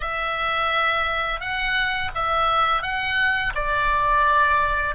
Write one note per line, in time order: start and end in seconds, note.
0.00 1.40 E5
1.40 2.10 F#5
2.14 2.82 E5
2.82 3.53 F#5
3.54 4.95 D5